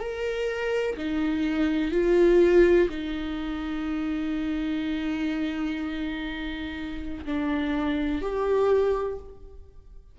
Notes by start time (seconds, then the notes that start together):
0.00 A#4
0.97 D#4
1.92 F4
2.89 D#4
7.25 D4
8.22 G4